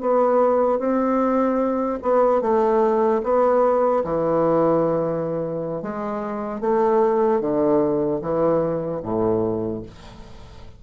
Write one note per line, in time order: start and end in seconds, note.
0.00 0.79 B3
0.79 1.99 C4
2.02 2.41 B3
2.41 3.21 A3
3.23 4.03 B3
4.04 5.82 E3
5.82 6.60 G#3
6.60 7.40 A3
7.40 8.20 D3
8.21 9.01 E3
9.02 9.82 A2